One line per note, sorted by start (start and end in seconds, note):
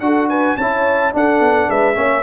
0.00 0.56 D4
0.00 0.58 F#4
0.00 0.29 A4
0.00 0.28 F#5
0.29 0.57 B4
0.29 0.57 G#5
0.57 1.13 C#4
0.57 1.12 E4
0.57 1.15 C#5
0.57 1.12 A5
1.12 1.94 D4
1.12 1.40 D4
1.12 1.69 A4
1.12 1.70 F#5
1.40 1.68 B3
1.69 1.97 G#3
1.69 1.97 B4
1.69 2.23 E5
1.94 2.23 A#3
1.94 2.22 C#4
1.94 2.23 C#5